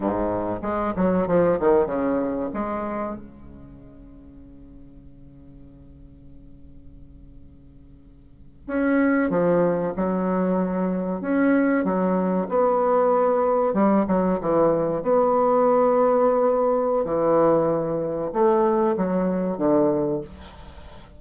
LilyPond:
\new Staff \with { instrumentName = "bassoon" } { \time 4/4 \tempo 4 = 95 gis,4 gis8 fis8 f8 dis8 cis4 | gis4 cis2.~ | cis1~ | cis4.~ cis16 cis'4 f4 fis16~ |
fis4.~ fis16 cis'4 fis4 b16~ | b4.~ b16 g8 fis8 e4 b16~ | b2. e4~ | e4 a4 fis4 d4 | }